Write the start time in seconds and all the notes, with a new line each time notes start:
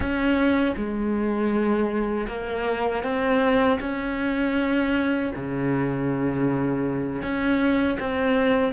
0.00 C#4
0.76 G#3
2.28 A#3
3.03 C4
3.80 C#4
5.35 C#3
7.22 C#4
7.99 C4